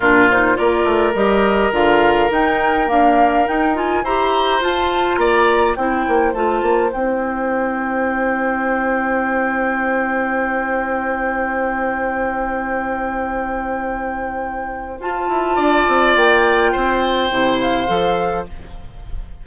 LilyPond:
<<
  \new Staff \with { instrumentName = "flute" } { \time 4/4 \tempo 4 = 104 ais'8 c''8 d''4 dis''4 f''4 | g''4 f''4 g''8 gis''8 ais''4 | a''4 ais''4 g''4 a''4 | g''1~ |
g''1~ | g''1~ | g''2 a''2 | g''2~ g''8 f''4. | }
  \new Staff \with { instrumentName = "oboe" } { \time 4/4 f'4 ais'2.~ | ais'2. c''4~ | c''4 d''4 c''2~ | c''1~ |
c''1~ | c''1~ | c''2. d''4~ | d''4 c''2. | }
  \new Staff \with { instrumentName = "clarinet" } { \time 4/4 d'8 dis'8 f'4 g'4 f'4 | dis'4 ais4 dis'8 f'8 g'4 | f'2 e'4 f'4 | e'1~ |
e'1~ | e'1~ | e'2 f'2~ | f'2 e'4 a'4 | }
  \new Staff \with { instrumentName = "bassoon" } { \time 4/4 ais,4 ais8 a8 g4 d4 | dis'4 d'4 dis'4 e'4 | f'4 ais4 c'8 ais8 a8 ais8 | c'1~ |
c'1~ | c'1~ | c'2 f'8 e'8 d'8 c'8 | ais4 c'4 c4 f4 | }
>>